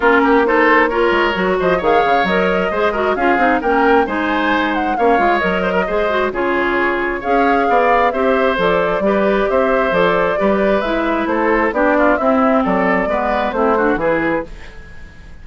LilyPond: <<
  \new Staff \with { instrumentName = "flute" } { \time 4/4 \tempo 4 = 133 ais'4 c''4 cis''4. dis''8 | f''4 dis''2 f''4 | g''4 gis''4. fis''8 f''4 | dis''2 cis''2 |
f''2 e''4 d''4~ | d''4 e''4 d''2 | e''4 c''4 d''4 e''4 | d''2 c''4 b'4 | }
  \new Staff \with { instrumentName = "oboe" } { \time 4/4 f'8 g'8 a'4 ais'4. c''8 | cis''2 c''8 ais'8 gis'4 | ais'4 c''2 cis''4~ | cis''8 c''16 ais'16 c''4 gis'2 |
cis''4 d''4 c''2 | b'4 c''2 b'4~ | b'4 a'4 g'8 f'8 e'4 | a'4 b'4 e'8 fis'8 gis'4 | }
  \new Staff \with { instrumentName = "clarinet" } { \time 4/4 cis'4 dis'4 f'4 fis'4 | gis'4 ais'4 gis'8 fis'8 f'8 dis'8 | cis'4 dis'2 cis'8 f'8 | ais'4 gis'8 fis'8 f'2 |
gis'2 g'4 a'4 | g'2 a'4 g'4 | e'2 d'4 c'4~ | c'4 b4 c'8 d'8 e'4 | }
  \new Staff \with { instrumentName = "bassoon" } { \time 4/4 ais2~ ais8 gis8 fis8 f8 | dis8 cis8 fis4 gis4 cis'8 c'8 | ais4 gis2 ais8 gis8 | fis4 gis4 cis2 |
cis'4 b4 c'4 f4 | g4 c'4 f4 g4 | gis4 a4 b4 c'4 | fis4 gis4 a4 e4 | }
>>